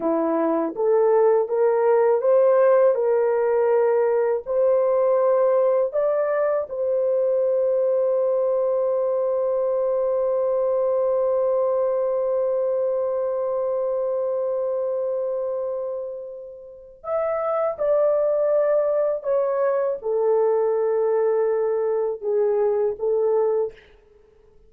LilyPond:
\new Staff \with { instrumentName = "horn" } { \time 4/4 \tempo 4 = 81 e'4 a'4 ais'4 c''4 | ais'2 c''2 | d''4 c''2.~ | c''1~ |
c''1~ | c''2. e''4 | d''2 cis''4 a'4~ | a'2 gis'4 a'4 | }